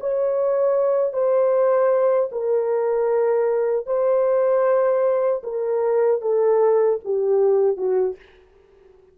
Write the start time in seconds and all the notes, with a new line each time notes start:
0.00 C#5
1.13 C5
2.32 A#4
3.86 C5
5.43 A#4
6.21 A4
7.04 G4
7.77 F#4